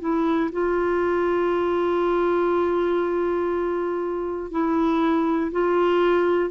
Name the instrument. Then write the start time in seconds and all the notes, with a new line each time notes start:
clarinet
0.00 E4
0.51 F4
4.50 E4
5.51 F4